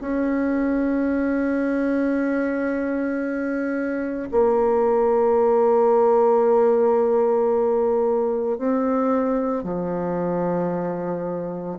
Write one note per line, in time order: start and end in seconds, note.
0.00 4.29 C#4
4.31 8.58 A#3
8.58 9.63 C4
9.63 11.78 F3